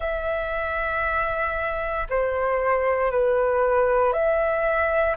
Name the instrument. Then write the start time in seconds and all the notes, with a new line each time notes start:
flute
0.00 E5
2.09 C5
3.11 B4
4.12 E5